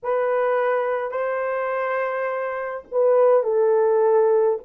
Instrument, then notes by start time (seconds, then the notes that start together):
horn
0.02 B4
1.11 C5
2.91 B4
3.43 A4